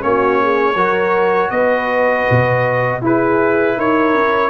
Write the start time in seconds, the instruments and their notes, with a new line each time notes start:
0.00 tuba A#3, trombone C#4, horn F#4, trumpet C#5
0.42 horn G#4
0.75 tuba F#3, trombone F#4, horn A#4
1.50 tuba B3, horn B4, trumpet D#5
2.30 tuba B2
3.02 trombone E4, tuba E4, horn G#4, trumpet B4
3.77 tuba D#4, horn A#4, trumpet C#5
4.14 tuba C#4